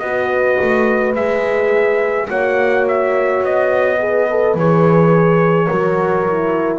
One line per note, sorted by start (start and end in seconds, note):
0.00 0.58 B3
0.00 1.17 F#4
0.00 2.29 B4
0.00 1.13 D#5
0.62 1.16 A3
1.16 2.29 G#3
1.16 2.29 G#4
1.16 2.29 E5
2.29 3.43 A#3
2.29 3.99 F#4
2.29 3.99 C#5
2.29 2.87 F#5
2.88 3.45 E5
3.43 4.55 B3
3.43 4.58 D#5
4.00 4.28 G#4
4.00 5.67 B4
4.31 4.58 A4
4.55 5.68 E3
4.55 5.71 G#4
4.55 6.79 C#5
5.67 6.79 F#3
5.67 6.27 F#4
5.67 6.79 A#4
6.28 6.79 E4